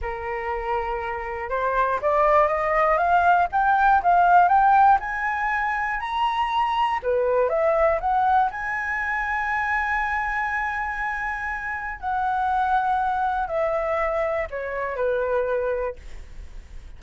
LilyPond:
\new Staff \with { instrumentName = "flute" } { \time 4/4 \tempo 4 = 120 ais'2. c''4 | d''4 dis''4 f''4 g''4 | f''4 g''4 gis''2 | ais''2 b'4 e''4 |
fis''4 gis''2.~ | gis''1 | fis''2. e''4~ | e''4 cis''4 b'2 | }